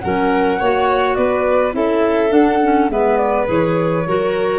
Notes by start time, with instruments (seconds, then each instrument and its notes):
0.00 tuba F#3, clarinet C#4, violin A#4, flute F#5
0.59 tuba A#3, clarinet F#4, violin C#5
1.15 tuba B3, violin B4, flute D5
1.72 tuba C#4, clarinet E4, violin A4, flute E5
2.29 clarinet D4, tuba D4, flute F#5
2.63 clarinet C#4
2.89 tuba G#3, clarinet B3, violin B4, flute E5
3.17 flute D5
3.46 tuba E3, clarinet G#4, flute C#5
4.06 tuba F#3, clarinet F#4, violin A#4